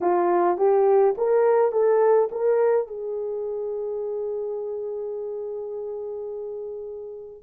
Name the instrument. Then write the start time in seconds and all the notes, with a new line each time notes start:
horn
0.01 F4
0.57 G4
1.17 A#4
1.72 A4
2.31 A#4
2.87 G#4